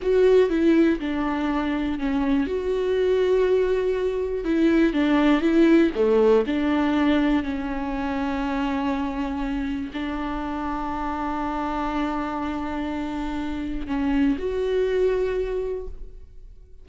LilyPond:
\new Staff \with { instrumentName = "viola" } { \time 4/4 \tempo 4 = 121 fis'4 e'4 d'2 | cis'4 fis'2.~ | fis'4 e'4 d'4 e'4 | a4 d'2 cis'4~ |
cis'1 | d'1~ | d'1 | cis'4 fis'2. | }